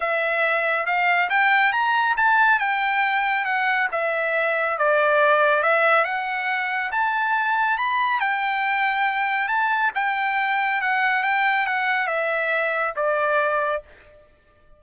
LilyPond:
\new Staff \with { instrumentName = "trumpet" } { \time 4/4 \tempo 4 = 139 e''2 f''4 g''4 | ais''4 a''4 g''2 | fis''4 e''2 d''4~ | d''4 e''4 fis''2 |
a''2 b''4 g''4~ | g''2 a''4 g''4~ | g''4 fis''4 g''4 fis''4 | e''2 d''2 | }